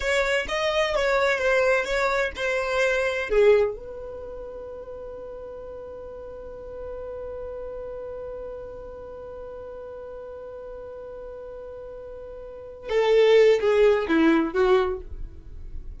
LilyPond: \new Staff \with { instrumentName = "violin" } { \time 4/4 \tempo 4 = 128 cis''4 dis''4 cis''4 c''4 | cis''4 c''2 gis'4 | b'1~ | b'1~ |
b'1~ | b'1~ | b'2.~ b'8 a'8~ | a'4 gis'4 e'4 fis'4 | }